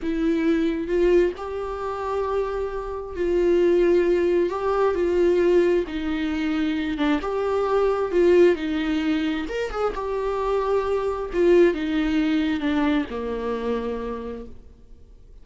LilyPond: \new Staff \with { instrumentName = "viola" } { \time 4/4 \tempo 4 = 133 e'2 f'4 g'4~ | g'2. f'4~ | f'2 g'4 f'4~ | f'4 dis'2~ dis'8 d'8 |
g'2 f'4 dis'4~ | dis'4 ais'8 gis'8 g'2~ | g'4 f'4 dis'2 | d'4 ais2. | }